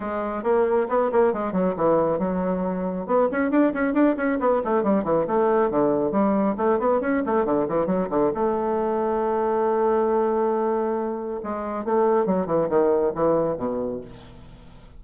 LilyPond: \new Staff \with { instrumentName = "bassoon" } { \time 4/4 \tempo 4 = 137 gis4 ais4 b8 ais8 gis8 fis8 | e4 fis2 b8 cis'8 | d'8 cis'8 d'8 cis'8 b8 a8 g8 e8 | a4 d4 g4 a8 b8 |
cis'8 a8 d8 e8 fis8 d8 a4~ | a1~ | a2 gis4 a4 | fis8 e8 dis4 e4 b,4 | }